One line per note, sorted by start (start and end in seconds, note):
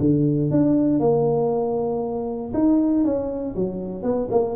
0.00 0.51 D3
0.51 1.00 D4
1.00 2.52 A#3
2.53 3.04 D#4
3.04 3.55 C#4
3.55 4.03 F#3
4.03 4.28 B3
4.31 4.56 A#3